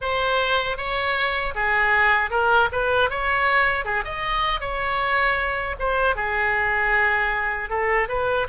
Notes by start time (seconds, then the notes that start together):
0.01 C5
0.77 C#5
1.55 G#4
2.30 A#4
2.72 B4
3.10 C#5
3.85 G#4
4.04 D#5
4.60 C#5
5.79 C5
6.15 G#4
7.69 A4
8.08 B4